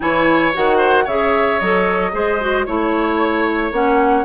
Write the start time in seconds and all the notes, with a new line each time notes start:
0.00 E3 E4 C#5 G#5
0.53 D#3 F#4 F#5
0.77 C5
1.04 C#3 G#4 C#5 E5
1.59 F#3 A4 D#5
2.12 G#3 G#4 C5
2.40 F#4
2.65 A3 E4 C#5
3.71 A#3 C#4 F#5